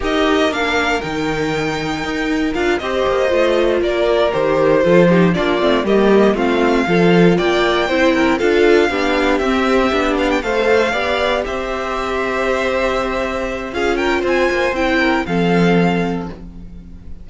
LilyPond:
<<
  \new Staff \with { instrumentName = "violin" } { \time 4/4 \tempo 4 = 118 dis''4 f''4 g''2~ | g''4 f''8 dis''2 d''8~ | d''8 c''2 d''4 dis''8~ | dis''8 f''2 g''4.~ |
g''8 f''2 e''4. | f''16 g''16 f''2 e''4.~ | e''2. f''8 g''8 | gis''4 g''4 f''2 | }
  \new Staff \with { instrumentName = "violin" } { \time 4/4 ais'1~ | ais'4. c''2 ais'8~ | ais'4. a'8 g'8 f'4 g'8~ | g'8 f'4 a'4 d''4 c''8 |
ais'8 a'4 g'2~ g'8~ | g'8 c''4 d''4 c''4.~ | c''2. gis'8 ais'8 | c''4. ais'8 a'2 | }
  \new Staff \with { instrumentName = "viola" } { \time 4/4 g'4 d'4 dis'2~ | dis'4 f'8 g'4 f'4.~ | f'8 g'4 f'8 dis'8 d'8 c'8 ais8~ | ais8 c'4 f'2 e'8~ |
e'8 f'4 d'4 c'4 d'8~ | d'8 a'4 g'2~ g'8~ | g'2. f'4~ | f'4 e'4 c'2 | }
  \new Staff \with { instrumentName = "cello" } { \time 4/4 dis'4 ais4 dis2 | dis'4 d'8 c'8 ais8 a4 ais8~ | ais8 dis4 f4 ais8 a8 g8~ | g8 a4 f4 ais4 c'8~ |
c'8 d'4 b4 c'4 b8~ | b8 a4 b4 c'4.~ | c'2. cis'4 | c'8 ais8 c'4 f2 | }
>>